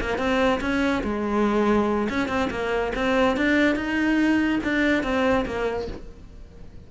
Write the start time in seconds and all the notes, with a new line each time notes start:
0.00 A#3
0.18 C4
0.60 C#4
1.03 G#3
2.09 C#4
2.28 C4
2.50 A#3
2.95 C4
3.37 D4
3.75 D#4
4.63 D4
5.03 C4
5.45 A#3